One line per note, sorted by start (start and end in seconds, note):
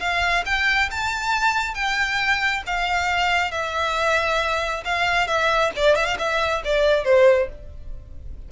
0.00 0.44 F5
0.46 0.90 G5
0.91 1.75 A5
1.75 2.63 G5
2.67 3.52 F5
3.52 4.84 E5
4.85 5.28 F5
5.28 5.72 E5
5.76 5.96 D5
5.96 6.06 E5
6.06 6.17 F5
6.19 6.63 E5
6.64 7.05 D5
7.05 7.49 C5